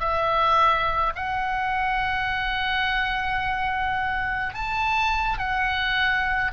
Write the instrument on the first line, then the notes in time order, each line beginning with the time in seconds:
oboe
0.00 E5
1.16 F#5
4.55 A5
5.39 F#5